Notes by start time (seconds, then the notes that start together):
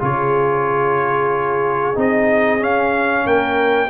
0.00 C#3 F4 G#4 C#5
1.95 C4 D#4 D#5
2.60 C#4 F5
3.26 A#3 A#4 G5